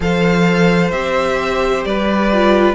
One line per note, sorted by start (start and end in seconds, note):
0.00 0.92 F3
0.00 0.92 A4
0.00 1.87 C5
0.00 0.91 F5
0.91 1.84 C4
0.91 2.30 G4
0.91 1.83 E5
1.84 2.75 G3
1.84 2.75 B4
1.84 2.75 D5
2.32 2.75 F4